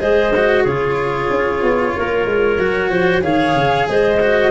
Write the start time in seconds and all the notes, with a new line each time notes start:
0.00 G#3 G#4 C5 D#5
0.37 F#4
0.63 C#3 F4 G#4 C#5
1.30 C#4
1.62 B3
1.97 A#3 A#4
2.26 G#3
2.58 F#3 F#4
2.90 F3 C5
3.22 D#3 G#4 C#5 F5
3.56 C#3
3.89 G#3 C5 D#5
4.20 F#4